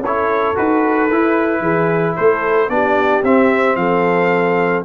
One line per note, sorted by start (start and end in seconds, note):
0.00 0.54 C#4
0.00 1.62 A4
0.00 0.57 C#5
0.07 0.56 E4
0.56 1.11 D#4
0.56 1.09 F#4
0.56 2.16 B4
1.11 1.61 E4
1.11 2.70 E4
1.61 2.14 E3
1.61 2.16 G#4
2.16 2.69 A3
2.16 2.71 A4
2.16 2.70 C5
2.69 3.23 B3
2.69 3.23 D4
2.69 3.79 G4
2.69 3.23 D5
3.24 3.76 C4
3.24 4.85 C4
3.24 3.76 E5
3.76 4.83 F3
3.76 4.85 A4
3.76 4.83 F5